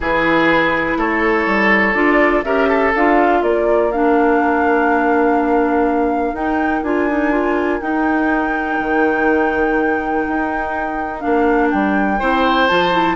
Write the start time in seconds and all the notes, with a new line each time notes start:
0.00 E3 E4 G#4 B4
0.96 A3 A4 C#5
1.46 G3
1.93 D4 F4 D5
2.43 C#4 G4 A#4 E5
2.68 A4
2.95 D4 F4 F5
3.42 A#3 A#4 D5
3.91 D4 F5
6.33 D#4 G5
6.82 D4 F4 G#5
7.08 D#4
7.31 F4
7.80 D#4 G5
8.79 D#3
10.27 D#4
11.19 A#3 D4 F5
11.70 G3 G5
12.19 C4 E4 C5
12.67 F3 F4 A5
12.91 E4